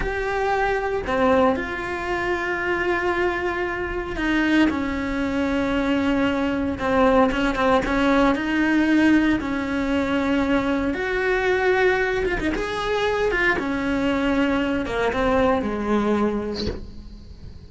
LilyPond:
\new Staff \with { instrumentName = "cello" } { \time 4/4 \tempo 4 = 115 g'2 c'4 f'4~ | f'1 | dis'4 cis'2.~ | cis'4 c'4 cis'8 c'8 cis'4 |
dis'2 cis'2~ | cis'4 fis'2~ fis'8 f'16 dis'16 | gis'4. f'8 cis'2~ | cis'8 ais8 c'4 gis2 | }